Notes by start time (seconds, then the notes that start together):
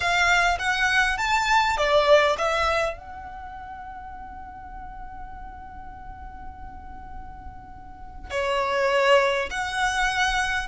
0.00 F5
0.58 F#5
1.17 A5
1.77 D5
2.38 E5
2.97 F#5
8.30 C#5
9.50 F#5